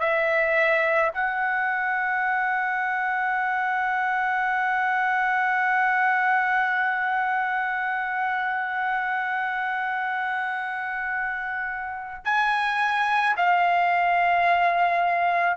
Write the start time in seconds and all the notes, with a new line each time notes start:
0.00 E5
1.14 F#5
12.25 G#5
13.37 F5